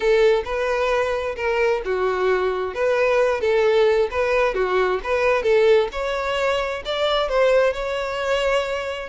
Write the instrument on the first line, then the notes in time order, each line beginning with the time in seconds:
violin
0.00 A4
0.44 B4
1.36 A#4
1.84 F#4
2.74 B4
3.40 A4
4.10 B4
4.54 F#4
5.03 B4
5.43 A4
5.92 C#5
6.85 D5
7.29 C5
7.73 C#5